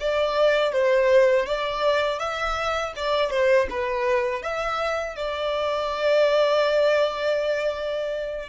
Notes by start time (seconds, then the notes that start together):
0.00 D5
0.72 C5
1.46 D5
2.19 E5
2.96 D5
3.30 C5
3.70 B4
4.42 E5
5.15 D5